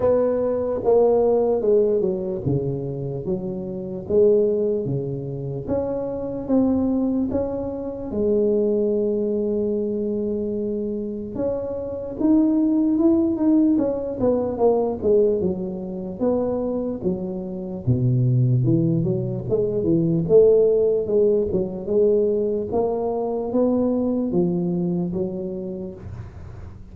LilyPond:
\new Staff \with { instrumentName = "tuba" } { \time 4/4 \tempo 4 = 74 b4 ais4 gis8 fis8 cis4 | fis4 gis4 cis4 cis'4 | c'4 cis'4 gis2~ | gis2 cis'4 dis'4 |
e'8 dis'8 cis'8 b8 ais8 gis8 fis4 | b4 fis4 b,4 e8 fis8 | gis8 e8 a4 gis8 fis8 gis4 | ais4 b4 f4 fis4 | }